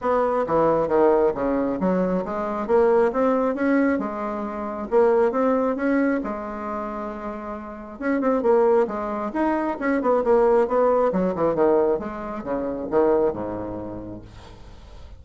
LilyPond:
\new Staff \with { instrumentName = "bassoon" } { \time 4/4 \tempo 4 = 135 b4 e4 dis4 cis4 | fis4 gis4 ais4 c'4 | cis'4 gis2 ais4 | c'4 cis'4 gis2~ |
gis2 cis'8 c'8 ais4 | gis4 dis'4 cis'8 b8 ais4 | b4 fis8 e8 dis4 gis4 | cis4 dis4 gis,2 | }